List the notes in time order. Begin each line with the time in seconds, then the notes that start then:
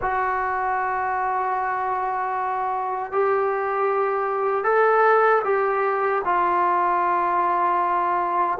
0.01 F#4
3.12 G4
4.64 A4
5.44 G4
6.24 F4